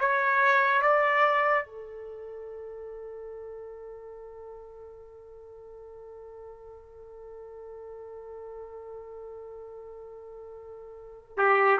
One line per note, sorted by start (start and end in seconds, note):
0.00 0.81 C#5
0.81 1.66 D5
1.66 11.37 A4
11.37 11.79 G4